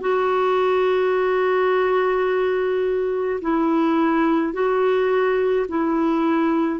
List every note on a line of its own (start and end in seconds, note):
0.00 3.40 F#4
3.41 4.53 E4
4.53 5.66 F#4
5.68 6.79 E4